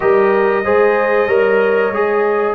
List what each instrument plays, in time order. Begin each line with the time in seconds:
0.00 tuba G3, trombone G4, horn A#4, trumpet D#5
0.64 tuba G#3, trombone G#4, horn C5
1.27 tuba G3, trombone A#4, horn C#5
1.90 tuba G#3, trombone G#4